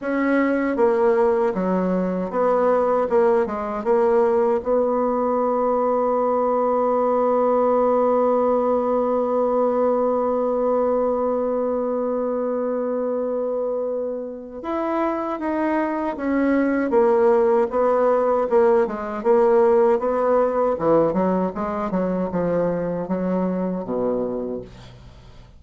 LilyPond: \new Staff \with { instrumentName = "bassoon" } { \time 4/4 \tempo 4 = 78 cis'4 ais4 fis4 b4 | ais8 gis8 ais4 b2~ | b1~ | b1~ |
b2. e'4 | dis'4 cis'4 ais4 b4 | ais8 gis8 ais4 b4 e8 fis8 | gis8 fis8 f4 fis4 b,4 | }